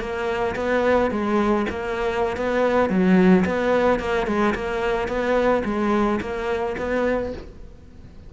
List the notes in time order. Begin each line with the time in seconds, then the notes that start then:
0.00 A#3
0.55 B3
1.11 G#3
1.69 A#3
2.37 B3
2.89 F#3
3.45 B3
3.99 A#3
4.26 G#3
4.55 A#3
5.08 B3
5.64 G#3
6.21 A#3
6.77 B3